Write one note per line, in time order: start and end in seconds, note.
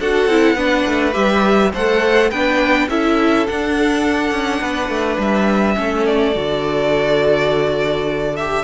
0.00 0.27 D4
0.00 0.31 F#4
0.00 0.57 A4
0.00 1.14 F#5
0.27 0.55 C4
0.27 0.57 E4
0.55 0.84 B3
0.55 1.13 D4
0.55 1.72 B4
0.87 1.16 A3
1.13 1.74 G3
1.13 1.71 G4
1.13 1.71 E5
1.73 2.32 A3
1.73 2.33 A4
1.73 2.31 C5
1.73 2.31 F#5
2.31 2.89 B3
2.31 2.91 D4
2.31 2.88 B4
2.31 2.89 G5
2.89 3.47 C#4
2.89 3.47 E4
2.89 4.61 A4
2.89 3.47 E5
3.47 5.76 D4
3.47 4.32 D4
3.47 5.21 F#5
4.32 4.61 C#4
4.61 4.89 B3
4.61 5.77 B4
4.89 5.18 A3
5.19 5.76 G3
5.19 6.06 E5
5.76 6.36 A3
5.76 6.33 C#4
5.76 8.64 A4
6.06 8.37 D5
6.34 8.64 D3
6.34 8.36 F#4
8.37 8.64 G4
8.37 8.64 E5